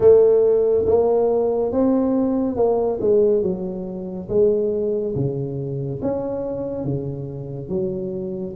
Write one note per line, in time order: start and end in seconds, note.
0.00 0.85 A3
0.86 1.71 A#3
1.72 2.56 C4
2.56 2.99 A#3
3.00 3.42 G#3
3.42 4.28 F#3
4.29 5.14 G#3
5.15 6.00 C#3
6.02 6.84 C#4
6.84 7.69 C#3
7.69 8.54 F#3